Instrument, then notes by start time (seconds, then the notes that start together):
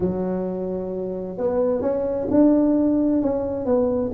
tuba
0.00 F#3
1.37 B3
1.81 C#4
2.30 D4
3.22 C#4
3.65 B3